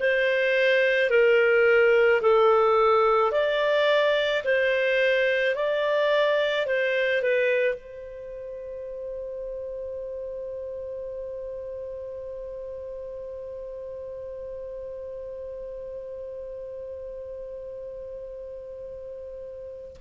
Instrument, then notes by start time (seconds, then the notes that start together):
clarinet
0.00 C5
1.10 A#4
2.22 A4
3.32 D5
4.44 C5
5.56 D5
6.67 C5
7.22 B4
7.75 C5